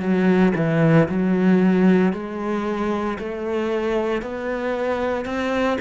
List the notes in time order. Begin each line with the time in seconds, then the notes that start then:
0.00 F#3
0.56 E3
1.09 F#3
2.13 G#3
3.19 A3
4.22 B3
5.25 C4